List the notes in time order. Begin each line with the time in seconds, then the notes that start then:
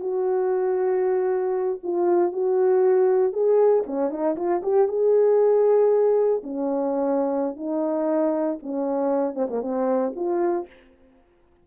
0.00 F#4
1.83 F4
2.32 F#4
3.33 G#4
3.86 C#4
4.10 D#4
4.36 F4
4.63 G4
4.88 G#4
6.43 C#4
7.56 D#4
8.62 C#4
9.34 C4
9.49 A#3
9.61 C4
10.15 F4